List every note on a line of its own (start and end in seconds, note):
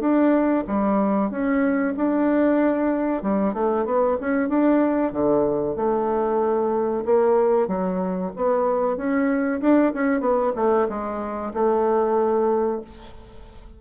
0.00 0.64 D4
0.67 1.30 G3
1.30 1.94 C#4
1.97 3.22 D4
3.22 3.54 G3
3.54 3.85 A3
3.85 4.17 B3
4.20 4.49 C#4
4.49 5.13 D4
5.13 5.76 D3
5.76 7.04 A3
7.05 7.68 A#3
7.68 8.32 F#3
8.36 8.97 B3
8.97 9.60 C#4
9.61 9.93 D4
9.93 10.20 C#4
10.20 10.52 B3
10.56 10.87 A3
10.89 11.53 G#3
11.54 12.81 A3